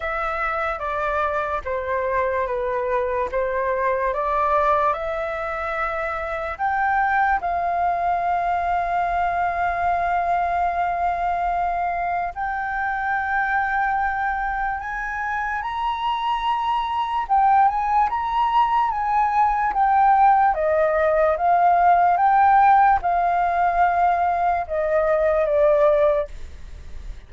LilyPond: \new Staff \with { instrumentName = "flute" } { \time 4/4 \tempo 4 = 73 e''4 d''4 c''4 b'4 | c''4 d''4 e''2 | g''4 f''2.~ | f''2. g''4~ |
g''2 gis''4 ais''4~ | ais''4 g''8 gis''8 ais''4 gis''4 | g''4 dis''4 f''4 g''4 | f''2 dis''4 d''4 | }